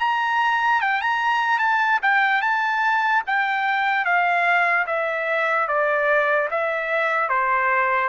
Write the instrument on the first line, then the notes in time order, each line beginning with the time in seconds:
trumpet
0.00 A#5
0.81 G5
1.01 A#5
1.59 A5
2.02 G5
2.41 A5
3.27 G5
4.05 F5
4.87 E5
5.68 D5
6.51 E5
7.29 C5